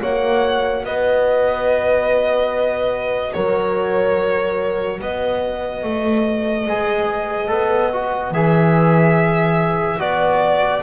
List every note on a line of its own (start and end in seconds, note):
0.00 0.84 A#3
0.00 6.67 F#4
0.00 0.84 C#5
0.00 0.86 F#5
0.84 3.34 B3
0.84 3.35 B4
0.84 3.34 D#5
3.34 5.01 F#3
3.34 5.02 A#4
3.34 5.00 C#5
5.01 5.84 B3
5.01 10.83 B4
5.01 8.34 D#5
5.84 6.67 A3
6.67 7.49 G#3
6.67 7.48 G#4
7.48 8.31 B3
7.48 7.90 A4
7.93 8.34 F#4
8.31 9.98 E3
8.31 9.99 G#4
8.31 10.00 E5
9.99 10.83 B3
9.99 10.83 F#4
9.99 10.83 D5